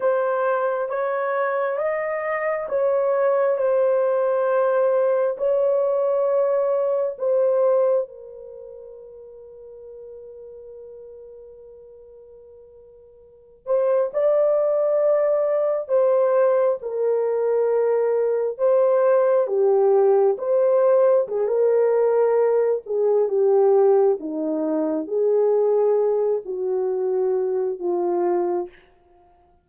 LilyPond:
\new Staff \with { instrumentName = "horn" } { \time 4/4 \tempo 4 = 67 c''4 cis''4 dis''4 cis''4 | c''2 cis''2 | c''4 ais'2.~ | ais'2.~ ais'16 c''8 d''16~ |
d''4.~ d''16 c''4 ais'4~ ais'16~ | ais'8. c''4 g'4 c''4 gis'16 | ais'4. gis'8 g'4 dis'4 | gis'4. fis'4. f'4 | }